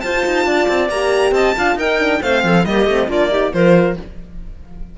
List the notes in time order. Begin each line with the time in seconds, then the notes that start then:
0.00 F4 C5 A5
0.26 D#4
0.45 D4 D5
0.68 C4
0.89 A#3 G4 A#5
1.31 C4 D#5 A5
1.56 D4 F4 F5
1.75 D#4 A#4 G5
1.99 D4
2.22 A3 C4 C5 F5
2.44 F3 A4
2.65 G3 A#3 G4 D#5
2.86 A3 C4
3.07 A#3 D4 F4 D5
3.30 D#4 G4
3.53 F3 F4 A#4 C5